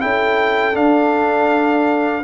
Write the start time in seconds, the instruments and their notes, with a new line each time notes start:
0.00 tuba C#4, trombone E4, horn A4, trumpet G5
0.74 trombone D4, tuba D4, trumpet F5